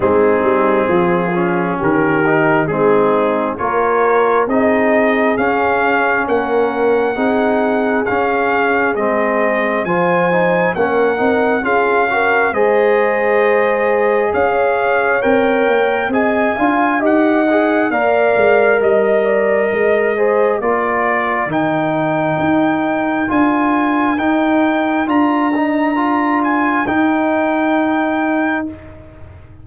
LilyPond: <<
  \new Staff \with { instrumentName = "trumpet" } { \time 4/4 \tempo 4 = 67 gis'2 ais'4 gis'4 | cis''4 dis''4 f''4 fis''4~ | fis''4 f''4 dis''4 gis''4 | fis''4 f''4 dis''2 |
f''4 g''4 gis''4 fis''4 | f''4 dis''2 d''4 | g''2 gis''4 g''4 | ais''4. gis''8 g''2 | }
  \new Staff \with { instrumentName = "horn" } { \time 4/4 dis'4 f'4 g'4 dis'4 | ais'4 gis'2 ais'4 | gis'2. c''4 | ais'4 gis'8 ais'8 c''2 |
cis''2 dis''8 f''8 dis''4 | d''4 dis''8 d''8 dis''8 c''8 ais'4~ | ais'1~ | ais'1 | }
  \new Staff \with { instrumentName = "trombone" } { \time 4/4 c'4. cis'4 dis'8 c'4 | f'4 dis'4 cis'2 | dis'4 cis'4 c'4 f'8 dis'8 | cis'8 dis'8 f'8 fis'8 gis'2~ |
gis'4 ais'4 gis'8 f'8 g'8 gis'8 | ais'2~ ais'8 gis'8 f'4 | dis'2 f'4 dis'4 | f'8 dis'8 f'4 dis'2 | }
  \new Staff \with { instrumentName = "tuba" } { \time 4/4 gis8 g8 f4 dis4 gis4 | ais4 c'4 cis'4 ais4 | c'4 cis'4 gis4 f4 | ais8 c'8 cis'4 gis2 |
cis'4 c'8 ais8 c'8 d'8 dis'4 | ais8 gis8 g4 gis4 ais4 | dis4 dis'4 d'4 dis'4 | d'2 dis'2 | }
>>